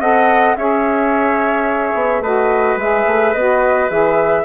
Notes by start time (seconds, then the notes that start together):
0.00 C4 A4 D#5 F#5
0.56 C#4 G#4 C#5 E5
1.95 B3
2.21 A3 F#4 B4 D#5
2.77 G#3 G#4 E5
3.07 A3
3.34 B3 F#4 D#5
3.89 E3 G#4 E5